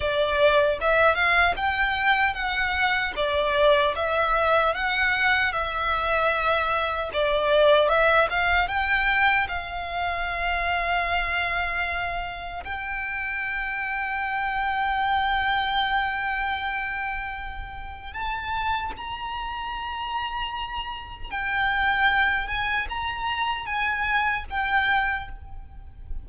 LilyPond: \new Staff \with { instrumentName = "violin" } { \time 4/4 \tempo 4 = 76 d''4 e''8 f''8 g''4 fis''4 | d''4 e''4 fis''4 e''4~ | e''4 d''4 e''8 f''8 g''4 | f''1 |
g''1~ | g''2. a''4 | ais''2. g''4~ | g''8 gis''8 ais''4 gis''4 g''4 | }